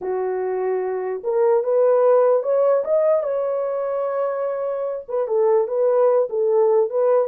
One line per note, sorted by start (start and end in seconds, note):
0.01 1.22 F#4
1.23 1.63 A#4
1.63 2.43 B4
2.43 2.83 C#5
2.84 3.23 D#5
3.23 5.05 C#5
5.08 5.27 B4
5.27 5.67 A4
5.67 6.28 B4
6.29 6.90 A4
6.90 7.28 B4